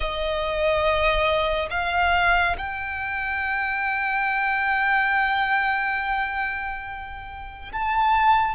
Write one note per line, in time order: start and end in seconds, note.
0.00 1.69 D#5
1.70 2.56 F5
2.57 7.71 G5
7.72 8.55 A5